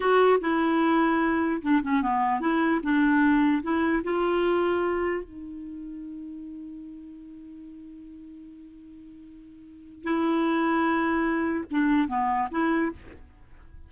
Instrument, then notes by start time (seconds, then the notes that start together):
clarinet
0.00 F#4
0.40 E4
1.61 D4
1.82 C#4
2.02 B3
2.40 E4
2.82 D4
3.62 E4
4.03 F4
5.23 D#4
10.03 E4
11.71 D4
12.08 B3
12.51 E4